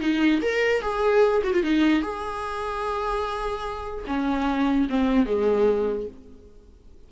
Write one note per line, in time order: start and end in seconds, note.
0.00 0.41 D#4
0.42 0.82 A#4
0.82 1.42 G#4
1.44 1.53 F#4
1.53 1.63 F4
1.63 2.02 D#4
2.02 4.05 G#4
4.07 4.88 C#4
4.89 5.26 C4
5.26 6.07 G#3